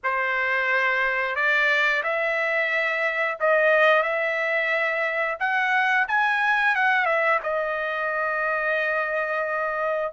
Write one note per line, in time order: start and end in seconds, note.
0.03 1.35 C5
1.35 2.03 D5
2.03 3.38 E5
3.40 4.03 D#5
4.03 5.37 E5
5.39 6.07 F#5
6.08 6.75 G#5
6.75 7.05 F#5
7.05 7.39 E5
7.43 10.12 D#5